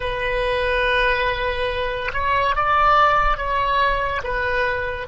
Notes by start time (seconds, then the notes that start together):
0.00 B4
2.13 C#5
2.55 D5
3.36 C#5
4.23 B4